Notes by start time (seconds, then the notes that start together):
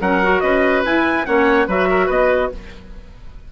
0.00 F#3 C#4 A#4 F#5
0.23 F#4
0.40 C#4 B4 D#5
0.85 E4 G#5
1.25 A#3 C#4 C#5 F#5
1.67 F#3 F#4 B4 E5
1.90 A#4
2.06 B3 B4 D#5